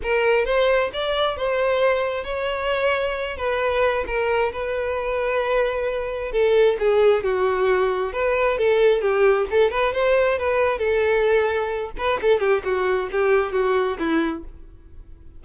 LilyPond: \new Staff \with { instrumentName = "violin" } { \time 4/4 \tempo 4 = 133 ais'4 c''4 d''4 c''4~ | c''4 cis''2~ cis''8 b'8~ | b'4 ais'4 b'2~ | b'2 a'4 gis'4 |
fis'2 b'4 a'4 | g'4 a'8 b'8 c''4 b'4 | a'2~ a'8 b'8 a'8 g'8 | fis'4 g'4 fis'4 e'4 | }